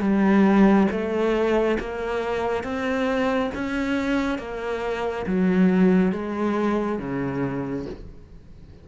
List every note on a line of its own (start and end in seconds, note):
0.00 0.87 G3
0.91 1.78 A3
1.79 2.63 A#3
2.63 3.50 C4
3.55 4.38 C#4
4.38 5.25 A#3
5.26 6.12 F#3
6.12 6.99 G#3
6.99 7.86 C#3